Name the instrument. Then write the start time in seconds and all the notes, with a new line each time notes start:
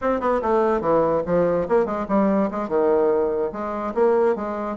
bassoon
0.01 C4
0.20 B3
0.42 A3
0.80 E3
1.26 F3
1.68 A#3
1.85 G#3
2.08 G3
2.51 G#3
2.68 D#3
3.52 G#3
3.94 A#3
4.35 G#3